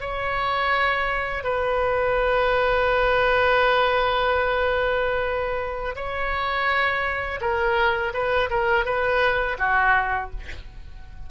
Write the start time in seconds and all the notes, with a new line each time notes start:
0.00 C#5
1.43 B4
5.95 C#5
7.40 A#4
8.13 B4
8.50 A#4
8.85 B4
9.58 F#4